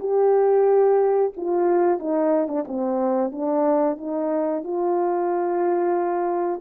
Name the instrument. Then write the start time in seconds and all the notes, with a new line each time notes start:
horn
0.00 G4
1.37 F4
2.00 D#4
2.48 D4
2.68 C4
3.32 D4
3.98 D#4
4.64 F4